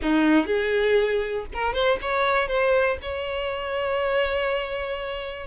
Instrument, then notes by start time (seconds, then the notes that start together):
violin
0.01 D#4
0.46 G#4
1.53 A#4
1.73 C5
2.01 C#5
2.47 C5
3.02 C#5